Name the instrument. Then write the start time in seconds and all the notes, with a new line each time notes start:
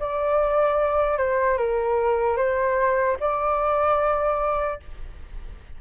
flute
0.00 D5
1.18 C5
1.58 A#4
2.37 C5
3.20 D5